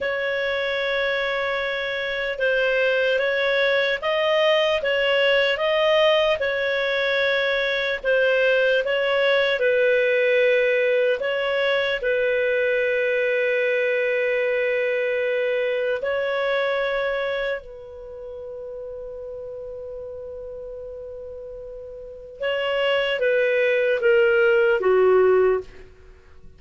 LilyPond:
\new Staff \with { instrumentName = "clarinet" } { \time 4/4 \tempo 4 = 75 cis''2. c''4 | cis''4 dis''4 cis''4 dis''4 | cis''2 c''4 cis''4 | b'2 cis''4 b'4~ |
b'1 | cis''2 b'2~ | b'1 | cis''4 b'4 ais'4 fis'4 | }